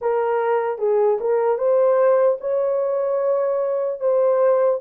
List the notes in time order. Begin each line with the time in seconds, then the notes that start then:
0.01 A#4
0.78 G#4
1.20 A#4
1.57 C5
2.40 C#5
4.00 C5